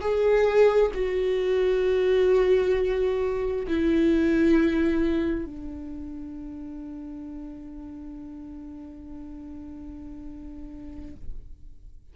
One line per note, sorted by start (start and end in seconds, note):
0.00 0.91 G#4
0.93 3.66 F#4
3.67 5.45 E4
5.45 11.14 D4